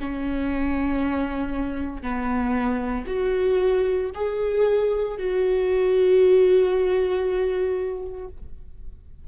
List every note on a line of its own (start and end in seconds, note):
0.00 2.02 C#4
2.02 3.05 B3
3.07 4.11 F#4
4.14 5.17 G#4
5.17 8.28 F#4